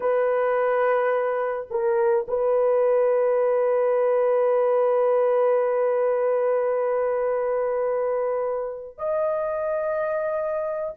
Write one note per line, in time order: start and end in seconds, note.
0.00 1.67 B4
1.70 2.26 A#4
2.28 8.97 B4
8.97 10.94 D#5